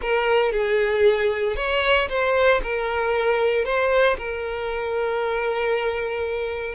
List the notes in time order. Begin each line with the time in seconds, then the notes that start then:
0.01 A#4
0.52 G#4
1.56 C#5
2.09 C5
2.62 A#4
3.64 C5
4.17 A#4